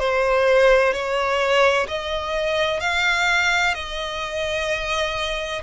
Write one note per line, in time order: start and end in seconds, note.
0.00 0.93 C5
0.93 1.87 C#5
1.88 2.81 D#5
2.81 3.75 F5
3.75 5.62 D#5